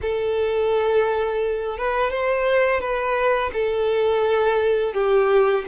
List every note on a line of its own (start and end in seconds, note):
0.01 1.77 A4
1.77 2.10 B4
2.10 2.80 C5
2.80 3.50 B4
3.53 4.93 A4
4.93 5.64 G4